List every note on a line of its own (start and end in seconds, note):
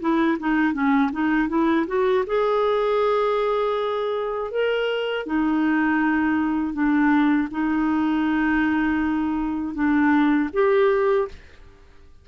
0.00 0.38 E4
0.39 0.73 D#4
0.73 1.10 C#4
1.12 1.48 D#4
1.48 1.86 E4
1.86 2.24 F#4
2.26 4.51 G#4
4.51 5.26 A#4
5.26 6.73 D#4
6.73 7.48 D4
7.51 9.74 D#4
9.74 10.49 D4
10.53 11.28 G4